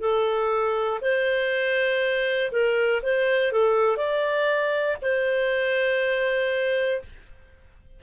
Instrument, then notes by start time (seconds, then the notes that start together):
clarinet
0.00 A4
1.00 C5
2.51 A#4
3.02 C5
3.52 A4
3.96 D5
5.01 C5